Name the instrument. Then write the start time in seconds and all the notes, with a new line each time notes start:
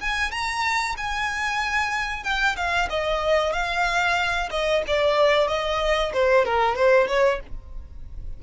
violin
0.00 G#5
0.31 A#5
0.97 G#5
2.23 G5
2.56 F5
2.89 D#5
3.52 F5
4.50 D#5
4.87 D5
5.47 D#5
6.13 C5
6.45 A#4
6.75 C5
7.07 C#5